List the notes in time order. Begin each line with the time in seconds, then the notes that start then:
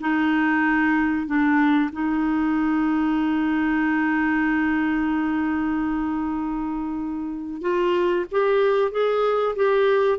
0.00 D#4
1.26 D4
1.92 D#4
7.61 F4
8.31 G4
8.91 G#4
9.56 G4